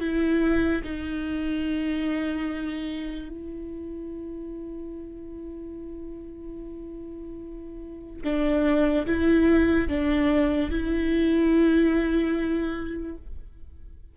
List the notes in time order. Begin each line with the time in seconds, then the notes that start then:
0.00 E4
0.84 D#4
3.29 E4
8.24 D4
9.06 E4
9.88 D4
10.70 E4